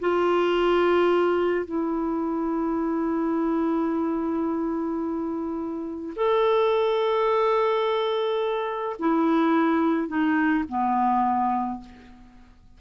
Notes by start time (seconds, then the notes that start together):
0.00 F4
1.66 E4
6.16 A4
8.99 E4
10.08 D#4
10.68 B3